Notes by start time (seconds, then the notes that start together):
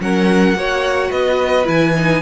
0.00 F#3 C#4 A#4 F#5
0.55 A#3 F#4 C#5
1.10 B3 B4 D#5
1.65 E3 E4 G#5
1.97 D#4